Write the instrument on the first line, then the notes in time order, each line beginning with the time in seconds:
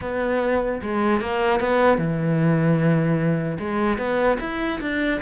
cello
0.01 B3
0.82 G#3
1.20 A#3
1.60 B3
1.97 E3
3.59 G#3
3.98 B3
4.39 E4
4.81 D4